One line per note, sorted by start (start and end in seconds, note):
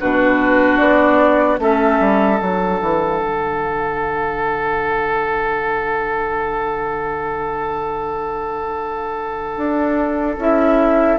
0.00 0.80 B2
0.00 1.58 D4
0.00 1.60 F#4
0.00 0.78 B4
0.78 1.59 B3
0.78 1.58 D5
1.58 1.99 A3
1.58 2.38 C#4
1.58 11.19 A4
1.58 2.39 E5
2.00 2.40 G3
2.38 2.81 F#3
2.38 10.38 D4
2.38 10.39 F#5
2.82 3.19 E3
3.19 9.57 D3
9.57 10.37 D4
10.37 11.17 C#4
10.37 11.19 E4
10.37 11.19 E5